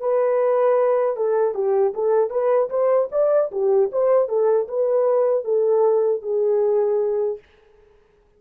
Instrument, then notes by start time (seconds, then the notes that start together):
horn
0.00 B4
1.16 A4
1.54 G4
1.94 A4
2.30 B4
2.70 C5
3.12 D5
3.52 G4
3.92 C5
4.29 A4
4.68 B4
5.44 A4
6.22 G#4